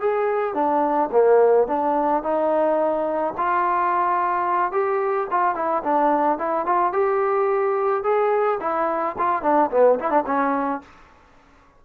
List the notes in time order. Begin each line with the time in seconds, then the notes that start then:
0.00 G#4
0.54 D4
1.12 A#3
1.67 D4
2.23 D#4
3.37 F4
4.72 G4
5.30 F4
5.55 E4
5.83 D4
6.38 E4
6.66 F4
6.92 G4
8.03 G#4
8.60 E4
9.18 F4
9.42 D4
9.71 B3
9.99 E4
10.10 D4
10.26 C#4